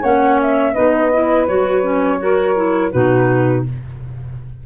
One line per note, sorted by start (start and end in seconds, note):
0.00 0.76 A#3
0.00 0.75 C#4
0.00 0.72 C#5
0.00 0.40 F#5
0.42 0.74 E5
0.73 1.48 B3
0.73 1.11 D#4
0.73 2.18 B4
0.73 1.46 D#5
1.13 1.48 E4
1.48 2.93 F#3
1.48 1.83 F#4
1.48 2.92 C#5
1.83 2.19 C#4
2.19 2.55 F#4
2.19 2.92 A#4
2.55 2.91 E4
2.92 3.67 B2
2.92 3.65 D#4
2.92 3.65 F#4
2.92 3.64 B4